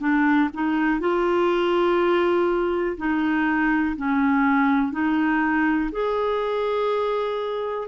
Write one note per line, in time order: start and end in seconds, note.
0.00 0.49 D4
0.54 1.00 D#4
1.00 2.97 F4
2.97 3.96 D#4
3.97 4.92 C#4
4.92 5.91 D#4
5.92 7.88 G#4